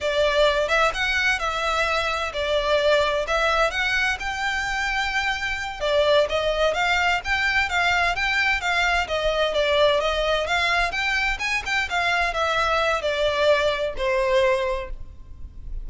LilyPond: \new Staff \with { instrumentName = "violin" } { \time 4/4 \tempo 4 = 129 d''4. e''8 fis''4 e''4~ | e''4 d''2 e''4 | fis''4 g''2.~ | g''8 d''4 dis''4 f''4 g''8~ |
g''8 f''4 g''4 f''4 dis''8~ | dis''8 d''4 dis''4 f''4 g''8~ | g''8 gis''8 g''8 f''4 e''4. | d''2 c''2 | }